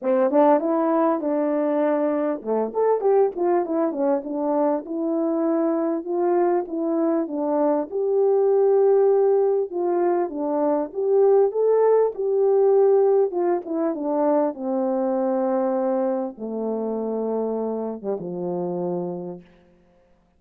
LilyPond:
\new Staff \with { instrumentName = "horn" } { \time 4/4 \tempo 4 = 99 c'8 d'8 e'4 d'2 | a8 a'8 g'8 f'8 e'8 cis'8 d'4 | e'2 f'4 e'4 | d'4 g'2. |
f'4 d'4 g'4 a'4 | g'2 f'8 e'8 d'4 | c'2. a4~ | a4.~ a16 g16 f2 | }